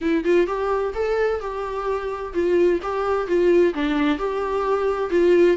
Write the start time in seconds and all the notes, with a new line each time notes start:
0.01 E4
0.24 F4
0.47 G4
0.94 A4
1.40 G4
2.33 F4
2.82 G4
3.27 F4
3.74 D4
4.18 G4
5.10 F4